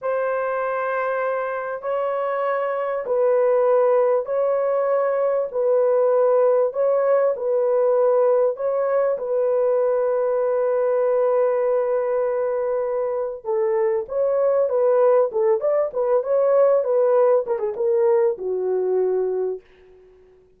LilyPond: \new Staff \with { instrumentName = "horn" } { \time 4/4 \tempo 4 = 98 c''2. cis''4~ | cis''4 b'2 cis''4~ | cis''4 b'2 cis''4 | b'2 cis''4 b'4~ |
b'1~ | b'2 a'4 cis''4 | b'4 a'8 d''8 b'8 cis''4 b'8~ | b'8 ais'16 gis'16 ais'4 fis'2 | }